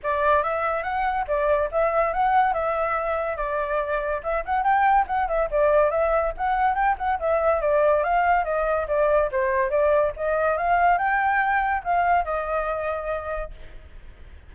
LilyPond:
\new Staff \with { instrumentName = "flute" } { \time 4/4 \tempo 4 = 142 d''4 e''4 fis''4 d''4 | e''4 fis''4 e''2 | d''2 e''8 fis''8 g''4 | fis''8 e''8 d''4 e''4 fis''4 |
g''8 fis''8 e''4 d''4 f''4 | dis''4 d''4 c''4 d''4 | dis''4 f''4 g''2 | f''4 dis''2. | }